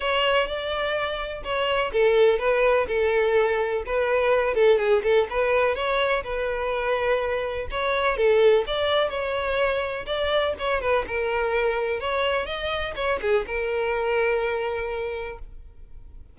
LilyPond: \new Staff \with { instrumentName = "violin" } { \time 4/4 \tempo 4 = 125 cis''4 d''2 cis''4 | a'4 b'4 a'2 | b'4. a'8 gis'8 a'8 b'4 | cis''4 b'2. |
cis''4 a'4 d''4 cis''4~ | cis''4 d''4 cis''8 b'8 ais'4~ | ais'4 cis''4 dis''4 cis''8 gis'8 | ais'1 | }